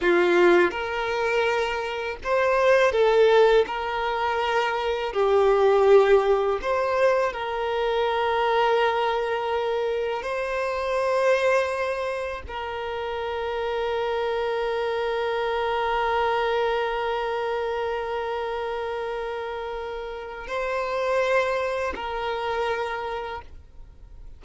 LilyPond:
\new Staff \with { instrumentName = "violin" } { \time 4/4 \tempo 4 = 82 f'4 ais'2 c''4 | a'4 ais'2 g'4~ | g'4 c''4 ais'2~ | ais'2 c''2~ |
c''4 ais'2.~ | ais'1~ | ais'1 | c''2 ais'2 | }